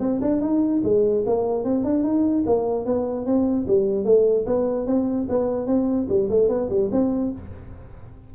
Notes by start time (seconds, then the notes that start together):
0.00 C4
0.22 D4
0.41 D#4
0.84 G#3
1.26 A#3
1.64 C4
1.84 D4
2.04 D#4
2.46 A#3
2.85 B3
3.26 C4
3.68 G3
4.05 A3
4.46 B3
4.87 C4
5.29 B3
5.67 C4
6.09 G3
6.30 A3
6.49 B3
6.70 G3
6.92 C4